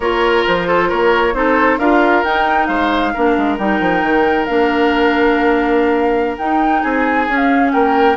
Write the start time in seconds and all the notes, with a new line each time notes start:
0.00 A#3 F4 A#4 C#5
0.47 F3 C5
0.67 A4
0.88 A#3 A#4 C#5
1.33 C4 D#4 A4 C5
1.78 D4 F4 A#4 F5
2.24 D#4 G5
2.66 G#3 C5 F5
3.13 A#3 D4 A#4
3.37 G#3
3.58 G3 D#4 G5
3.80 F3
4.02 D#3
4.45 A#3 D4 F5
6.37 D#4 G5
6.82 C4 G#4 G#5
7.28 C#4
7.36 F5
7.72 A#3 A#4 G5